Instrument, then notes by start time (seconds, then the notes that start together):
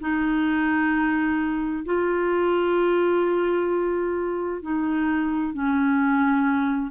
clarinet
0.00 D#4
1.85 F4
4.62 D#4
5.53 C#4